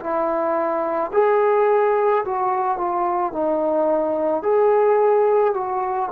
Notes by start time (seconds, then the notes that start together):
0.00 E4
1.13 G#4
2.25 F#4
2.78 F4
3.32 D#4
4.42 G#4
5.54 F#4